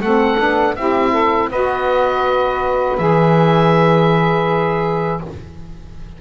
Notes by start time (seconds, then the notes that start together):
0.00 A3 C4 A4 F#5
0.39 B3 D4
0.76 C4 E4 G4 E5
1.12 A4
1.50 B3 F#4 B4 D#5
2.98 E3 G#4 E5